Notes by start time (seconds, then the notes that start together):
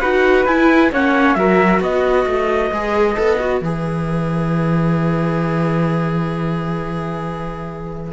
0.00 D#4 F#4 B4 F#5
0.45 E4 G#5
0.92 A#3 C#4 C#5 F#5
1.35 F#3 F#4 A#4 E5
1.80 B3 B4 D#5
2.26 A3
2.72 G#3 G#4
3.16 B3 A4
3.40 F#4
3.61 E3 G#4 E5